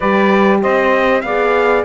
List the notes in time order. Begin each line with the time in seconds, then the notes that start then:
0.00 G3 G4 B4 D5
0.62 C4 C5 D#5
1.21 B3 G#4 D5 F5